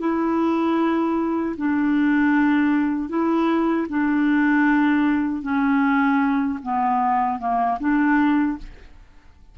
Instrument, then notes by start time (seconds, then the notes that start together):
clarinet
0.00 E4
1.57 D4
3.09 E4
3.89 D4
5.42 C#4
6.63 B3
7.39 A#3
7.80 D4